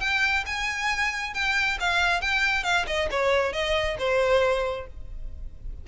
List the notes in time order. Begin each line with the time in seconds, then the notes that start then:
0.00 G5
0.46 G#5
1.34 G5
1.80 F5
2.21 G5
2.64 F5
2.87 D#5
3.11 C#5
3.53 D#5
3.99 C5